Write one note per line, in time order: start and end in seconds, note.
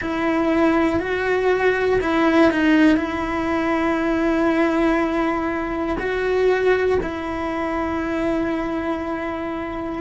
0.01 0.99 E4
0.99 1.99 F#4
2.00 2.50 E4
2.50 2.96 D#4
2.96 5.96 E4
5.99 6.99 F#4
7.02 10.01 E4